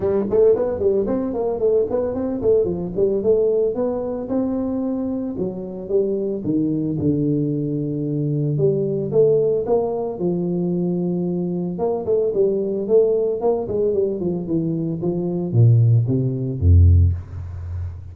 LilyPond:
\new Staff \with { instrumentName = "tuba" } { \time 4/4 \tempo 4 = 112 g8 a8 b8 g8 c'8 ais8 a8 b8 | c'8 a8 f8 g8 a4 b4 | c'2 fis4 g4 | dis4 d2. |
g4 a4 ais4 f4~ | f2 ais8 a8 g4 | a4 ais8 gis8 g8 f8 e4 | f4 ais,4 c4 f,4 | }